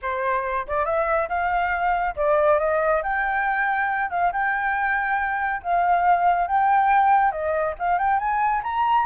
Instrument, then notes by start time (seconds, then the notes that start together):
flute
0.02 C5
0.67 D5
0.85 E5
1.29 F5
2.15 D5
2.59 D#5
3.03 G5
4.10 F5
4.32 G5
5.62 F5
6.47 G5
7.31 D#5
7.79 F5
7.98 G5
8.19 G#5
8.63 A#5